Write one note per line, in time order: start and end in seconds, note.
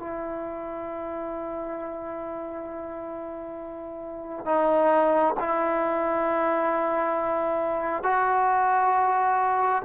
0.00 4.46 E4
4.46 5.35 D#4
5.40 8.04 E4
8.04 9.83 F#4